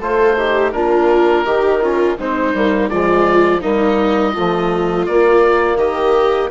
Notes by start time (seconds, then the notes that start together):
0.00 A3 F4 A4 C5
0.37 D#4 G4
0.71 A#3 D4 F4 A#4
1.44 D#3 D#4 G4
1.81 C#4 F4
2.18 G#3 C4 D#4 C5
2.53 G3 A#3
2.89 F3 G#3 F4 D5
3.60 G3 A#3 D#4 D#5
4.32 F3 A3 F4
5.05 A#3 D5
5.75 D#3 G4 D#5